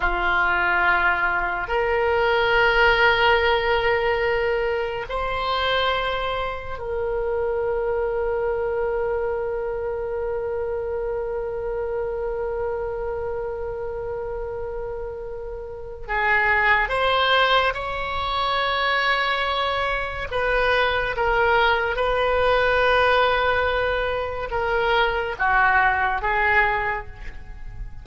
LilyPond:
\new Staff \with { instrumentName = "oboe" } { \time 4/4 \tempo 4 = 71 f'2 ais'2~ | ais'2 c''2 | ais'1~ | ais'1~ |
ais'2. gis'4 | c''4 cis''2. | b'4 ais'4 b'2~ | b'4 ais'4 fis'4 gis'4 | }